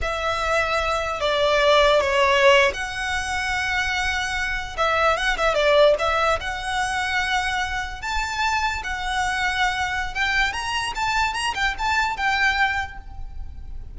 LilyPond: \new Staff \with { instrumentName = "violin" } { \time 4/4 \tempo 4 = 148 e''2. d''4~ | d''4 cis''4.~ cis''16 fis''4~ fis''16~ | fis''2.~ fis''8. e''16~ | e''8. fis''8 e''8 d''4 e''4 fis''16~ |
fis''2.~ fis''8. a''16~ | a''4.~ a''16 fis''2~ fis''16~ | fis''4 g''4 ais''4 a''4 | ais''8 g''8 a''4 g''2 | }